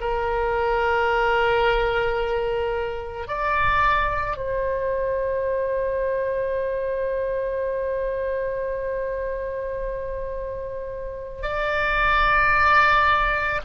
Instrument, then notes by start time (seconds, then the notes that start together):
oboe
0.00 A#4
3.28 D5
4.37 C5
11.42 D5